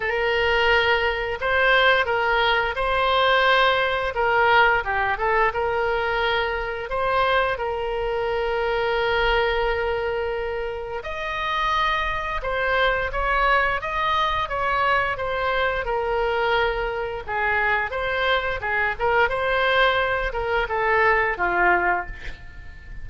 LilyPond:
\new Staff \with { instrumentName = "oboe" } { \time 4/4 \tempo 4 = 87 ais'2 c''4 ais'4 | c''2 ais'4 g'8 a'8 | ais'2 c''4 ais'4~ | ais'1 |
dis''2 c''4 cis''4 | dis''4 cis''4 c''4 ais'4~ | ais'4 gis'4 c''4 gis'8 ais'8 | c''4. ais'8 a'4 f'4 | }